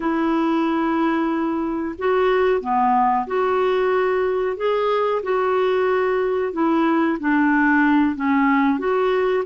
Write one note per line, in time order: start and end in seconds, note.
0.00 1.95 E4
1.98 2.61 F#4
2.61 3.26 B3
3.26 4.57 F#4
4.57 5.22 G#4
5.22 6.52 F#4
6.52 7.18 E4
7.19 8.15 D4
8.15 8.78 C#4
8.78 9.44 F#4